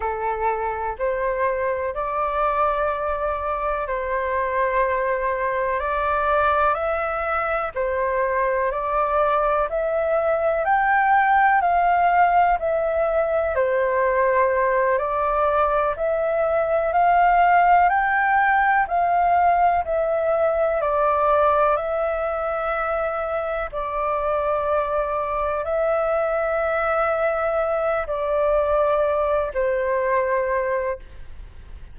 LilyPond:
\new Staff \with { instrumentName = "flute" } { \time 4/4 \tempo 4 = 62 a'4 c''4 d''2 | c''2 d''4 e''4 | c''4 d''4 e''4 g''4 | f''4 e''4 c''4. d''8~ |
d''8 e''4 f''4 g''4 f''8~ | f''8 e''4 d''4 e''4.~ | e''8 d''2 e''4.~ | e''4 d''4. c''4. | }